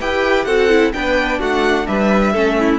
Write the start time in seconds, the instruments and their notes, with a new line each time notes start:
0.00 cello E4, viola G4, violin B4 G5
0.45 cello C4, viola F#4, violin A4 F#5
0.70 viola E4
0.93 cello B3, viola D4, violin B4 G5
1.39 cello A3, violin F#4 F#5
1.87 cello G3, violin B4 E5
2.33 cello A3, viola C#4, violin A4
2.59 violin E4